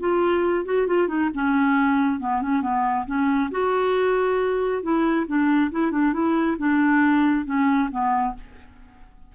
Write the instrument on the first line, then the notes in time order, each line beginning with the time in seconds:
clarinet
0.00 F4
0.65 F#4
0.87 F4
1.08 D#4
1.34 C#4
2.20 B3
2.42 C#4
2.62 B3
3.07 C#4
3.51 F#4
4.83 E4
5.27 D4
5.72 E4
5.92 D4
6.13 E4
6.59 D4
7.46 C#4
7.91 B3